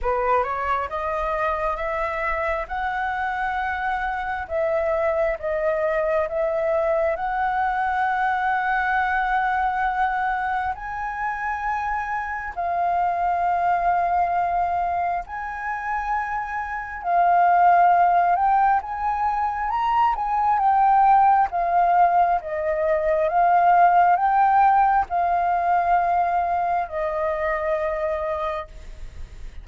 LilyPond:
\new Staff \with { instrumentName = "flute" } { \time 4/4 \tempo 4 = 67 b'8 cis''8 dis''4 e''4 fis''4~ | fis''4 e''4 dis''4 e''4 | fis''1 | gis''2 f''2~ |
f''4 gis''2 f''4~ | f''8 g''8 gis''4 ais''8 gis''8 g''4 | f''4 dis''4 f''4 g''4 | f''2 dis''2 | }